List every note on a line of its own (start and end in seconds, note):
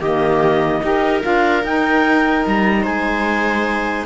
0.00 0.82 D#3
0.00 0.83 A#3
0.00 0.81 G4
0.00 1.22 D#5
0.83 1.23 D#4
0.83 1.21 G4
0.83 2.83 A#4
1.21 1.63 D4
1.21 1.62 F4
1.21 1.65 F5
1.63 2.45 D#4
1.63 4.06 D#4
1.63 2.46 G5
2.46 2.85 G3
2.46 2.85 A#5
2.83 4.06 G#3
2.83 4.04 C5
2.83 4.06 G#5